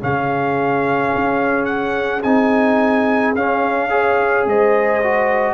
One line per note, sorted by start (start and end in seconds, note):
0.00 1.13 C#3
0.00 2.22 C#4
0.00 3.91 G#4
0.00 1.65 F5
1.15 2.23 C#4
1.65 2.21 F#5
2.22 3.34 C4
2.22 3.35 D#4
2.22 3.34 G#5
3.34 4.46 C#4
3.34 3.89 C#4
3.34 4.46 F5
3.89 5.00 G#4
3.89 4.46 C#5
4.46 5.54 G#3
4.46 5.54 C5
4.46 5.54 D#5
5.03 5.54 F#4